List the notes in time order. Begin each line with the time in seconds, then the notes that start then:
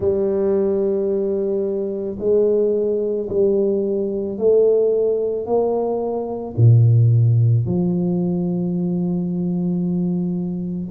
0.00 G3
2.19 G#3
3.29 G3
4.38 A3
5.45 A#3
6.57 A#2
7.66 F3